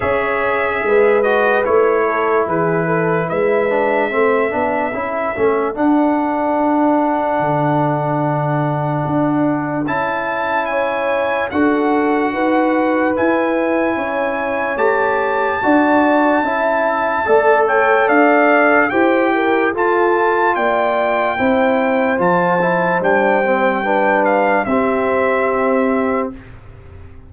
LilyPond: <<
  \new Staff \with { instrumentName = "trumpet" } { \time 4/4 \tempo 4 = 73 e''4. dis''8 cis''4 b'4 | e''2. fis''4~ | fis''1 | a''4 gis''4 fis''2 |
gis''2 a''2~ | a''4. g''8 f''4 g''4 | a''4 g''2 a''4 | g''4. f''8 e''2 | }
  \new Staff \with { instrumentName = "horn" } { \time 4/4 cis''4 b'4. a'8 gis'8 a'8 | b'4 a'2.~ | a'1~ | a'4 cis''4 a'4 b'4~ |
b'4 cis''2 d''4 | e''4 d''8 cis''8 d''4 c''8 ais'8 | a'4 d''4 c''2~ | c''4 b'4 g'2 | }
  \new Staff \with { instrumentName = "trombone" } { \time 4/4 gis'4. fis'8 e'2~ | e'8 d'8 c'8 d'8 e'8 cis'8 d'4~ | d'1 | e'2 fis'2 |
e'2 g'4 fis'4 | e'4 a'2 g'4 | f'2 e'4 f'8 e'8 | d'8 c'8 d'4 c'2 | }
  \new Staff \with { instrumentName = "tuba" } { \time 4/4 cis'4 gis4 a4 e4 | gis4 a8 b8 cis'8 a8 d'4~ | d'4 d2 d'4 | cis'2 d'4 dis'4 |
e'4 cis'4 a4 d'4 | cis'4 a4 d'4 e'4 | f'4 ais4 c'4 f4 | g2 c'2 | }
>>